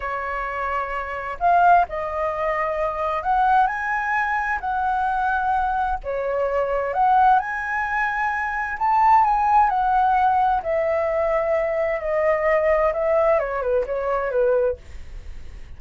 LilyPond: \new Staff \with { instrumentName = "flute" } { \time 4/4 \tempo 4 = 130 cis''2. f''4 | dis''2. fis''4 | gis''2 fis''2~ | fis''4 cis''2 fis''4 |
gis''2. a''4 | gis''4 fis''2 e''4~ | e''2 dis''2 | e''4 cis''8 b'8 cis''4 b'4 | }